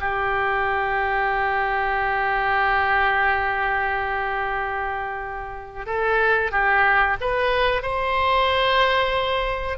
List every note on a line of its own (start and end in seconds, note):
0.00 5.86 G4
5.86 6.51 A4
6.51 7.16 G4
7.20 7.82 B4
7.82 9.78 C5